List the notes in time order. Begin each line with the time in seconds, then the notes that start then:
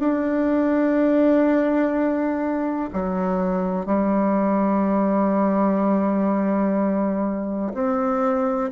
0.00 D4
2.93 F#3
3.86 G3
7.74 C4